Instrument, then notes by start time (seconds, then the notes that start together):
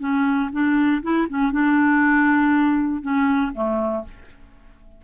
clarinet
0.00 C#4
0.53 D4
1.03 E4
1.29 C#4
1.52 D4
3.02 C#4
3.55 A3